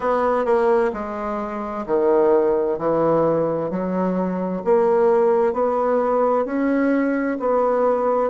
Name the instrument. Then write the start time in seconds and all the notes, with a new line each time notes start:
bassoon
0.00 B3
0.44 A#3
0.93 G#3
1.86 D#3
2.78 E3
3.70 F#3
4.64 A#3
5.53 B3
6.45 C#4
7.39 B3